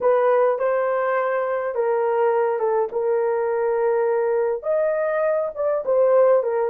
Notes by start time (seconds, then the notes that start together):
0.01 B4
0.58 C5
1.74 A#4
2.59 A4
2.92 A#4
4.62 D#5
5.54 D5
5.85 C5
6.43 A#4